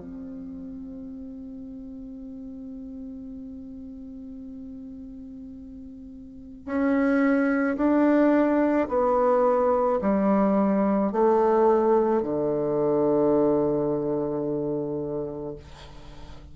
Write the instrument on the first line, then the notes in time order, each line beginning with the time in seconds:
bassoon
0.00 C4
6.65 C#4
7.76 D4
8.88 B3
10.01 G3
11.12 A3
12.22 D3